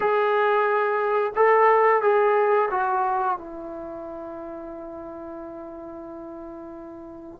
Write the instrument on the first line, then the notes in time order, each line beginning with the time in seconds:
trombone
0.00 G#4
1.35 A4
2.02 G#4
2.71 F#4
3.38 E4